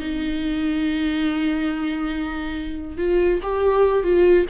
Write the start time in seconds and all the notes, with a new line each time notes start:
0.00 D#4
2.98 F4
3.43 G4
4.04 F4